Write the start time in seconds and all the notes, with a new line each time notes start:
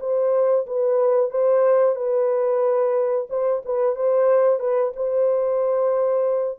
0.00 C5
0.66 B4
1.30 C5
1.96 B4
3.29 C5
3.65 B4
3.95 C5
4.59 B4
4.96 C5